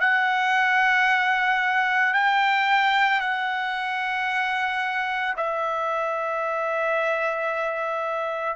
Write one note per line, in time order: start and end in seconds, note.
0.00 2.14 F#5
2.14 3.20 G5
3.20 5.34 F#5
5.37 8.56 E5